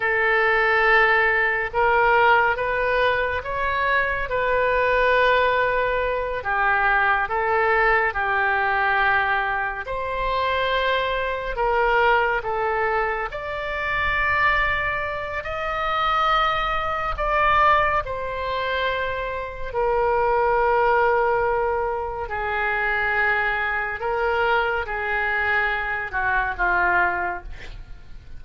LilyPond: \new Staff \with { instrumentName = "oboe" } { \time 4/4 \tempo 4 = 70 a'2 ais'4 b'4 | cis''4 b'2~ b'8 g'8~ | g'8 a'4 g'2 c''8~ | c''4. ais'4 a'4 d''8~ |
d''2 dis''2 | d''4 c''2 ais'4~ | ais'2 gis'2 | ais'4 gis'4. fis'8 f'4 | }